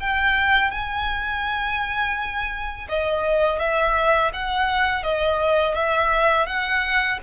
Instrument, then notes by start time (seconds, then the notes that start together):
violin
0.00 G5
0.71 G#5
2.88 D#5
3.59 E5
4.33 F#5
5.03 D#5
5.75 E5
6.46 F#5